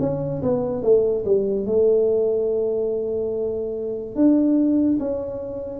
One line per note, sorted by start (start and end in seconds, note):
0.00 0.42 C#4
0.42 0.83 B3
0.83 1.25 A3
1.25 1.66 G3
1.66 4.15 A3
4.15 4.98 D4
4.99 5.80 C#4